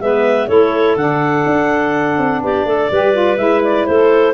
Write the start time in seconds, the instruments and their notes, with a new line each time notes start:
0.00 tuba G#3, saxophone B3, clarinet B4 E5
0.48 tuba A3, saxophone E4, clarinet A4 C#5
0.96 tuba D3, saxophone D4, clarinet F#5
1.46 tuba D4
2.18 tuba C4
2.42 tuba B3, clarinet G4 D5
2.65 tuba A3, clarinet A4
2.91 tuba G3, saxophone G4, clarinet B4
3.13 saxophone F4
3.37 tuba G#3, saxophone E4, clarinet E5
3.64 clarinet D5
3.86 tuba A3, clarinet A4 C5